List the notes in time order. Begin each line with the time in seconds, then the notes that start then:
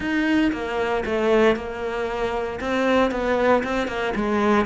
0.00 D#4
0.52 A#3
1.05 A3
1.56 A#3
2.60 C4
3.11 B3
3.63 C4
3.87 A#3
4.15 G#3